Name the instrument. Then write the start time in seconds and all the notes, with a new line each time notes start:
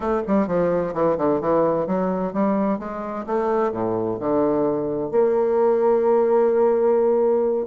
bassoon
0.00 A3
0.27 G3
0.47 F3
0.93 E3
1.17 D3
1.41 E3
1.86 F#3
2.33 G3
2.79 G#3
3.26 A3
3.72 A2
4.19 D3
5.11 A#3